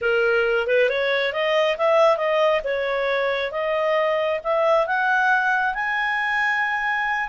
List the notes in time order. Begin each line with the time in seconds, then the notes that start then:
0.01 A#4
0.67 B4
0.89 C#5
1.32 D#5
1.77 E5
2.17 D#5
2.64 C#5
3.51 D#5
4.43 E5
4.86 F#5
5.74 G#5